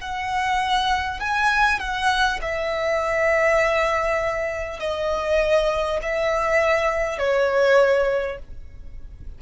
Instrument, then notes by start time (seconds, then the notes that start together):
violin
0.00 F#5
1.20 G#5
1.79 F#5
2.41 E5
4.79 D#5
6.02 E5
7.18 C#5